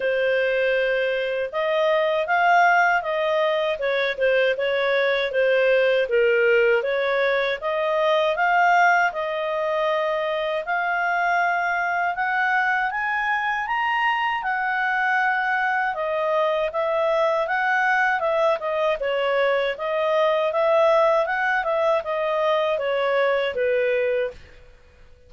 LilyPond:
\new Staff \with { instrumentName = "clarinet" } { \time 4/4 \tempo 4 = 79 c''2 dis''4 f''4 | dis''4 cis''8 c''8 cis''4 c''4 | ais'4 cis''4 dis''4 f''4 | dis''2 f''2 |
fis''4 gis''4 ais''4 fis''4~ | fis''4 dis''4 e''4 fis''4 | e''8 dis''8 cis''4 dis''4 e''4 | fis''8 e''8 dis''4 cis''4 b'4 | }